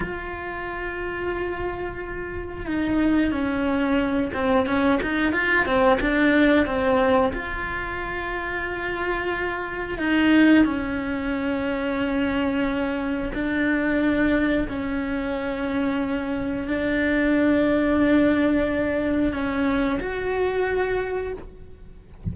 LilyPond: \new Staff \with { instrumentName = "cello" } { \time 4/4 \tempo 4 = 90 f'1 | dis'4 cis'4. c'8 cis'8 dis'8 | f'8 c'8 d'4 c'4 f'4~ | f'2. dis'4 |
cis'1 | d'2 cis'2~ | cis'4 d'2.~ | d'4 cis'4 fis'2 | }